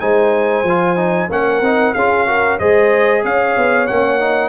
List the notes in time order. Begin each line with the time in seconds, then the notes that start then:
0.00 G#3 D#4 C5 G#5
0.63 F3 F4
0.96 D#4
1.30 A#3 C#4 A#4 F#5
1.61 C4 D#4
1.94 C#4 F4 G#4 F5
2.27 F#4 A#4
2.59 G#3 G#4 C5 D#5
3.24 C#4 C#5 F5
3.57 B3
3.87 A#3 C#4 F#5
4.19 D#4